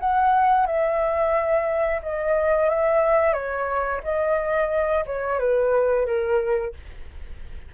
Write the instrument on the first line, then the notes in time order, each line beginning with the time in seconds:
flute
0.00 F#5
0.66 E5
2.02 D#5
2.69 E5
3.33 C#5
4.04 D#5
5.06 C#5
5.39 B4
6.06 A#4